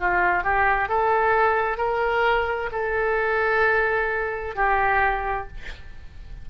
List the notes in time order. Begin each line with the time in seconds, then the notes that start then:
0.00 F4
0.43 G4
0.89 A4
1.77 A#4
2.72 A4
4.55 G4